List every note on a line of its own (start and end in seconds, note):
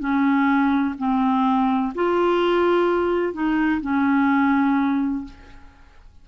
0.00 0.95 C#4
0.98 1.94 C4
1.95 3.33 F4
3.33 3.81 D#4
3.82 5.25 C#4